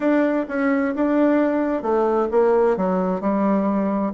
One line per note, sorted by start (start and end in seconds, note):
0.00 0.46 D4
0.48 0.94 C#4
0.95 1.82 D4
1.82 2.28 A3
2.31 2.76 A#3
2.76 3.20 F#3
3.20 4.12 G3